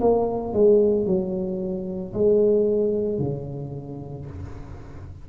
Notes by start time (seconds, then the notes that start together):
0.00 A#3
0.53 G#3
1.06 F#3
2.13 G#3
3.19 C#3